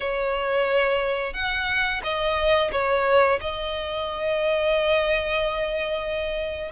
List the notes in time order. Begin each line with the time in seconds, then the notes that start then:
0.00 C#5
1.33 F#5
2.03 D#5
2.72 C#5
3.40 D#5